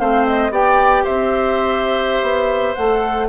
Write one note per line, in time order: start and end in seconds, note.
0.00 0.51 A3
0.00 0.52 C4
0.00 0.52 C5
0.00 0.26 F5
0.27 0.53 D#5
0.51 1.03 B3
0.51 2.76 G4
0.51 1.04 D5
0.51 1.06 G5
1.04 2.23 C4
1.04 3.28 C5
1.04 2.75 E5
2.23 2.75 B3
2.75 3.30 A3
2.75 3.30 A4
2.75 3.28 F#5